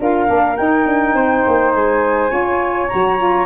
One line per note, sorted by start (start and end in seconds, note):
0.00 0.29 D4
0.00 0.27 F4
0.00 1.16 A#4
0.00 0.57 F5
0.27 0.59 A#3
0.27 0.56 D4
0.57 2.30 D#4
0.57 0.86 D#4
0.57 1.73 G5
0.86 1.14 D4
1.14 1.43 C4
1.14 2.31 C5
1.48 1.75 A#3
1.75 2.32 G#3
1.75 2.89 G#5
2.30 2.90 C#4
2.30 2.88 F4
2.30 3.46 C#5
2.89 3.46 F#3
2.89 3.18 F#4
2.89 3.46 A#5
3.18 3.46 F4